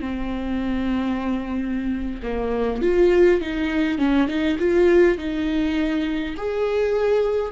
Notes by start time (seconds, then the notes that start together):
0.00 C4
2.22 A#3
2.82 F4
3.40 D#4
3.98 C#4
4.28 D#4
4.59 F4
5.17 D#4
6.37 G#4